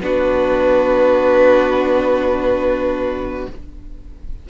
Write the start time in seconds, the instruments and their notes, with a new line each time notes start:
0.00 cello B3, viola D4, violin F#4 B4